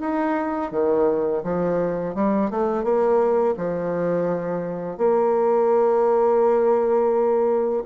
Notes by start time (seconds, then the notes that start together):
0.00 D#4
0.71 D#3
1.44 F3
2.15 G3
2.50 A3
2.83 A#3
3.57 F3
4.97 A#3